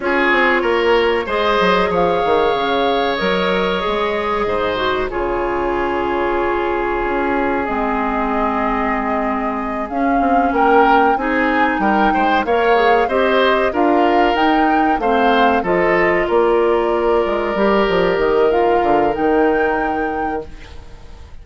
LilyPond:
<<
  \new Staff \with { instrumentName = "flute" } { \time 4/4 \tempo 4 = 94 cis''2 dis''4 f''4~ | f''4 dis''2. | cis''1 | dis''2.~ dis''8 f''8~ |
f''8 g''4 gis''4 g''4 f''8~ | f''8 dis''4 f''4 g''4 f''8~ | f''8 dis''4 d''2~ d''8~ | d''8 dis''8 f''4 g''2 | }
  \new Staff \with { instrumentName = "oboe" } { \time 4/4 gis'4 ais'4 c''4 cis''4~ | cis''2. c''4 | gis'1~ | gis'1~ |
gis'8 ais'4 gis'4 ais'8 c''8 cis''8~ | cis''8 c''4 ais'2 c''8~ | c''8 a'4 ais'2~ ais'8~ | ais'1 | }
  \new Staff \with { instrumentName = "clarinet" } { \time 4/4 f'2 gis'2~ | gis'4 ais'4 gis'4. fis'8 | f'1 | c'2.~ c'8 cis'8~ |
cis'4. dis'2 ais'8 | gis'8 g'4 f'4 dis'4 c'8~ | c'8 f'2. g'8~ | g'4 f'4 dis'2 | }
  \new Staff \with { instrumentName = "bassoon" } { \time 4/4 cis'8 c'8 ais4 gis8 fis8 f8 dis8 | cis4 fis4 gis4 gis,4 | cis2. cis'4 | gis2.~ gis8 cis'8 |
c'8 ais4 c'4 g8 gis8 ais8~ | ais8 c'4 d'4 dis'4 a8~ | a8 f4 ais4. gis8 g8 | f8 dis4 d8 dis2 | }
>>